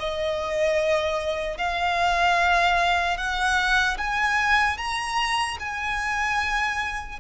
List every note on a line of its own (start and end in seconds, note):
0.00 1.58 D#5
1.58 3.17 F5
3.17 3.97 F#5
3.98 4.78 G#5
4.78 5.58 A#5
5.60 7.20 G#5